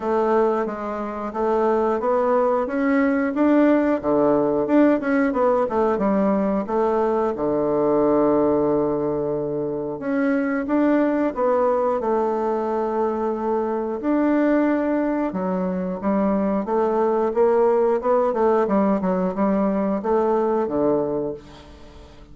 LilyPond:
\new Staff \with { instrumentName = "bassoon" } { \time 4/4 \tempo 4 = 90 a4 gis4 a4 b4 | cis'4 d'4 d4 d'8 cis'8 | b8 a8 g4 a4 d4~ | d2. cis'4 |
d'4 b4 a2~ | a4 d'2 fis4 | g4 a4 ais4 b8 a8 | g8 fis8 g4 a4 d4 | }